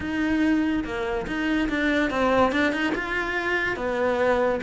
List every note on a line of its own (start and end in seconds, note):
0.00 0.84 D#4
0.84 1.26 A#3
1.27 1.69 D#4
1.69 2.10 D4
2.10 2.52 C4
2.52 2.72 D4
2.72 2.93 D#4
2.94 3.76 F4
3.76 4.60 B3